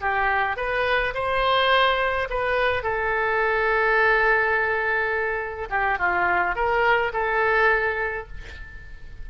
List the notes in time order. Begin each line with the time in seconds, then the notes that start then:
0.00 G4
0.56 B4
1.14 C5
2.29 B4
2.83 A4
5.70 G4
5.98 F4
6.55 A#4
7.12 A4